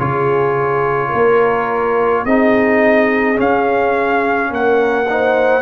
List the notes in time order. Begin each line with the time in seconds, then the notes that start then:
0.00 C#3 F4 G#4 C#5
1.09 A#3 A#4
2.25 C4 D#4 G#4 D#5
3.36 C#4 F5
4.51 A#3 A#4 F#5
5.10 D#4 C5